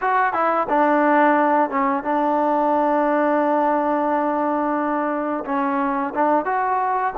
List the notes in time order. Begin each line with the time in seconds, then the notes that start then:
0.01 F#4
0.33 E4
0.69 D4
1.70 C#4
2.03 D4
5.45 C#4
6.14 D4
6.45 F#4